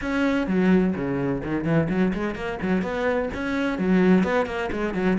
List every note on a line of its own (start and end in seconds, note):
0.01 0.46 C#4
0.46 0.94 F#3
0.95 1.42 C#3
1.43 1.64 D#3
1.64 1.87 E3
1.89 2.12 F#3
2.13 2.35 G#3
2.35 2.58 A#3
2.62 2.82 F#3
2.82 3.29 B3
3.34 3.78 C#4
3.78 4.23 F#3
4.23 4.46 B3
4.46 4.69 A#3
4.72 4.93 G#3
4.93 5.17 F#3